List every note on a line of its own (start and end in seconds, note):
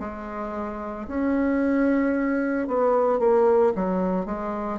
0.00 1.07 G#3
1.08 2.68 C#4
2.68 3.19 B3
3.19 3.73 A#3
3.75 4.26 F#3
4.26 4.79 G#3